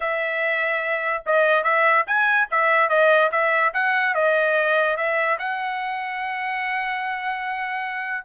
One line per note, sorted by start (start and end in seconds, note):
0.00 1.23 E5
1.26 1.63 D#5
1.63 2.05 E5
2.06 2.48 G#5
2.50 2.89 E5
2.89 3.30 D#5
3.31 3.72 E5
3.73 4.14 F#5
4.14 4.96 D#5
4.96 5.38 E5
5.38 8.24 F#5